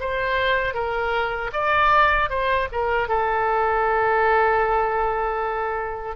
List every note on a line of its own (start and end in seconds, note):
0.00 0.74 C5
0.74 1.51 A#4
1.53 2.30 D5
2.30 2.68 C5
2.72 3.08 A#4
3.08 6.16 A4